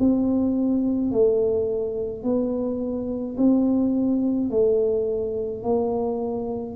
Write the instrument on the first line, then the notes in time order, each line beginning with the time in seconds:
tuba
0.00 C4
1.12 A3
2.23 B3
3.38 C4
4.51 A3
5.63 A#3